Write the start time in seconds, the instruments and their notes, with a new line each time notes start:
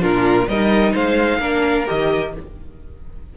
0.00 cello A#2, viola D4, violin F4 A#4
0.47 cello G3, viola D#4, violin A#4 D#5
0.92 cello G#3, violin C5 F5
1.38 cello A#3, viola D4, violin A#4
1.86 cello D#3, viola G4, violin D#5